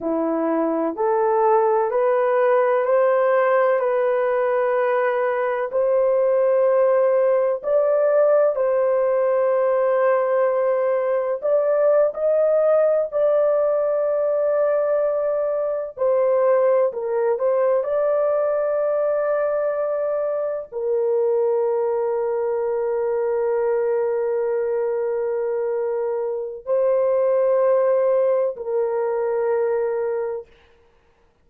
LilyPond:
\new Staff \with { instrumentName = "horn" } { \time 4/4 \tempo 4 = 63 e'4 a'4 b'4 c''4 | b'2 c''2 | d''4 c''2. | d''8. dis''4 d''2~ d''16~ |
d''8. c''4 ais'8 c''8 d''4~ d''16~ | d''4.~ d''16 ais'2~ ais'16~ | ais'1 | c''2 ais'2 | }